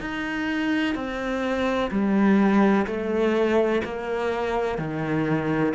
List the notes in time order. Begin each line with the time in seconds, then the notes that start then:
0.00 D#4
0.94 C4
1.90 G3
2.86 A3
3.84 A#3
4.77 D#3